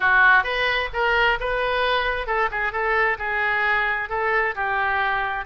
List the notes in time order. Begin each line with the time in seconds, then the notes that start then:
0.00 F#4
0.43 B4
0.93 A#4
1.40 B4
2.26 A4
2.51 G#4
2.72 A4
3.18 G#4
4.09 A4
4.55 G4